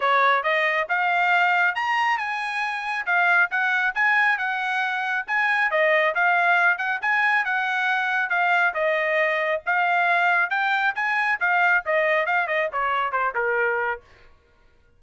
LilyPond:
\new Staff \with { instrumentName = "trumpet" } { \time 4/4 \tempo 4 = 137 cis''4 dis''4 f''2 | ais''4 gis''2 f''4 | fis''4 gis''4 fis''2 | gis''4 dis''4 f''4. fis''8 |
gis''4 fis''2 f''4 | dis''2 f''2 | g''4 gis''4 f''4 dis''4 | f''8 dis''8 cis''4 c''8 ais'4. | }